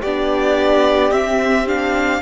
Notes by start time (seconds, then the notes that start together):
0.00 B3 G4 D5
0.06 D4
1.11 C4 E5
1.67 D4 F5